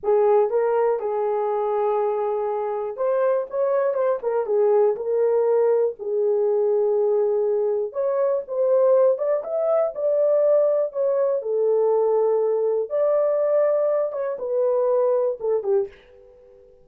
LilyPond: \new Staff \with { instrumentName = "horn" } { \time 4/4 \tempo 4 = 121 gis'4 ais'4 gis'2~ | gis'2 c''4 cis''4 | c''8 ais'8 gis'4 ais'2 | gis'1 |
cis''4 c''4. d''8 e''4 | d''2 cis''4 a'4~ | a'2 d''2~ | d''8 cis''8 b'2 a'8 g'8 | }